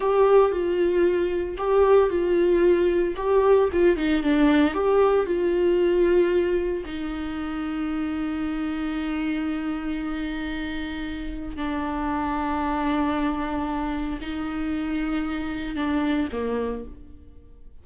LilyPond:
\new Staff \with { instrumentName = "viola" } { \time 4/4 \tempo 4 = 114 g'4 f'2 g'4 | f'2 g'4 f'8 dis'8 | d'4 g'4 f'2~ | f'4 dis'2.~ |
dis'1~ | dis'2 d'2~ | d'2. dis'4~ | dis'2 d'4 ais4 | }